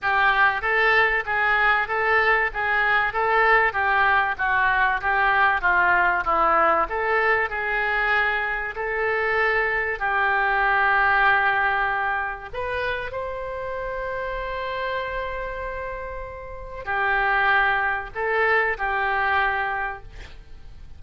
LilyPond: \new Staff \with { instrumentName = "oboe" } { \time 4/4 \tempo 4 = 96 g'4 a'4 gis'4 a'4 | gis'4 a'4 g'4 fis'4 | g'4 f'4 e'4 a'4 | gis'2 a'2 |
g'1 | b'4 c''2.~ | c''2. g'4~ | g'4 a'4 g'2 | }